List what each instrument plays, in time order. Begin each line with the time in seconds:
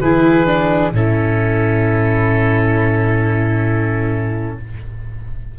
0.00 tuba E3, viola E4, flute G#4, oboe B4
0.46 viola D4
0.92 tuba A2, viola C#4, flute E4, oboe A4